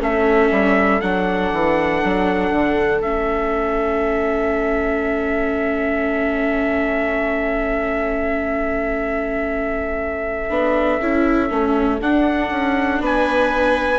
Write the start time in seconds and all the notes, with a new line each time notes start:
0.00 A3 C#4 A4 E5
0.51 G3
1.01 F#3 D4 F#5
1.52 E3
2.04 F#3
2.51 D3
3.00 A3 C#4 E5
10.49 B3 D4
11.01 C#4 E4
11.50 A3 C#4
12.00 D4 F#5
12.50 C#4
13.00 B3 B4 G#5